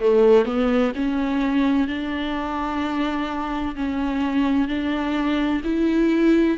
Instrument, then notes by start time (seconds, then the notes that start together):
viola
0.00 A3
0.45 B3
0.95 C#4
1.87 D4
3.75 C#4
4.68 D4
5.64 E4